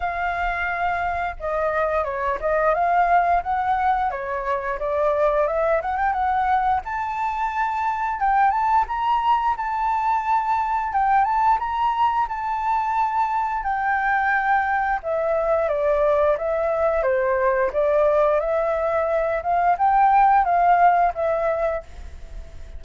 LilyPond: \new Staff \with { instrumentName = "flute" } { \time 4/4 \tempo 4 = 88 f''2 dis''4 cis''8 dis''8 | f''4 fis''4 cis''4 d''4 | e''8 fis''16 g''16 fis''4 a''2 | g''8 a''8 ais''4 a''2 |
g''8 a''8 ais''4 a''2 | g''2 e''4 d''4 | e''4 c''4 d''4 e''4~ | e''8 f''8 g''4 f''4 e''4 | }